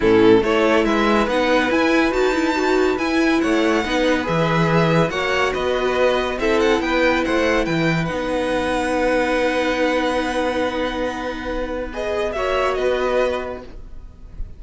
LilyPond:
<<
  \new Staff \with { instrumentName = "violin" } { \time 4/4 \tempo 4 = 141 a'4 cis''4 e''4 fis''4 | gis''4 a''2 gis''4 | fis''2 e''2 | fis''4 dis''2 e''8 fis''8 |
g''4 fis''4 g''4 fis''4~ | fis''1~ | fis''1 | dis''4 e''4 dis''2 | }
  \new Staff \with { instrumentName = "violin" } { \time 4/4 e'4 a'4 b'2~ | b'1 | cis''4 b'2. | cis''4 b'2 a'4 |
b'4 c''4 b'2~ | b'1~ | b'1~ | b'4 cis''4 b'2 | }
  \new Staff \with { instrumentName = "viola" } { \time 4/4 cis'4 e'2 dis'4 | e'4 fis'8 e'8 fis'4 e'4~ | e'4 dis'4 gis'2 | fis'2. e'4~ |
e'2. dis'4~ | dis'1~ | dis'1 | gis'4 fis'2. | }
  \new Staff \with { instrumentName = "cello" } { \time 4/4 a,4 a4 gis4 b4 | e'4 dis'2 e'4 | a4 b4 e2 | ais4 b2 c'4 |
b4 a4 e4 b4~ | b1~ | b1~ | b4 ais4 b2 | }
>>